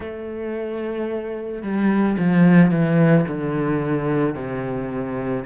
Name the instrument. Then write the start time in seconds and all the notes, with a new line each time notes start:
cello
0.00 A3
1.62 G3
2.18 F3
2.70 E3
3.27 D3
4.35 C3